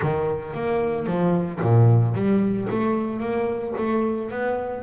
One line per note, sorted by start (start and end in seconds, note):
0.01 0.54 D#3
0.54 1.06 A#3
1.06 1.59 F3
1.61 2.14 A#2
2.14 2.67 G3
2.70 3.19 A3
3.19 3.73 A#3
3.77 4.30 A3
4.30 4.82 B3